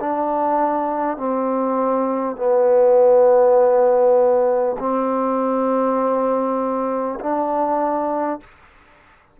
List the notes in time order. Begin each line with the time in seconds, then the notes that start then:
0.00 D4
1.17 C4
2.36 B3
4.79 C4
7.20 D4